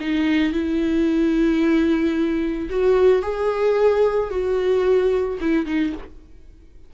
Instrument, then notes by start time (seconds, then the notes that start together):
viola
0.00 D#4
0.53 E4
2.70 F#4
3.22 G#4
4.30 F#4
5.41 E4
5.66 D#4